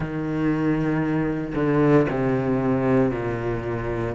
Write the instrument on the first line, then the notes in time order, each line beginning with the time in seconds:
cello
0.00 D#3
1.55 D3
2.09 C3
3.11 A#2